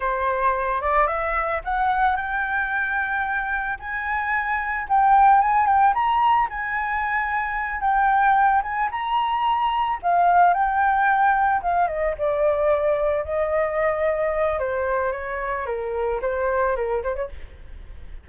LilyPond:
\new Staff \with { instrumentName = "flute" } { \time 4/4 \tempo 4 = 111 c''4. d''8 e''4 fis''4 | g''2. gis''4~ | gis''4 g''4 gis''8 g''8 ais''4 | gis''2~ gis''8 g''4. |
gis''8 ais''2 f''4 g''8~ | g''4. f''8 dis''8 d''4.~ | d''8 dis''2~ dis''8 c''4 | cis''4 ais'4 c''4 ais'8 c''16 cis''16 | }